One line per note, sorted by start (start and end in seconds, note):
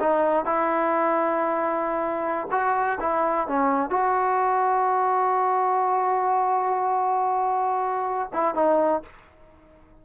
0.00 0.45 D#4
0.45 2.48 E4
2.51 2.99 F#4
3.00 3.48 E4
3.48 3.90 C#4
3.90 8.31 F#4
8.33 8.55 E4
8.55 9.02 D#4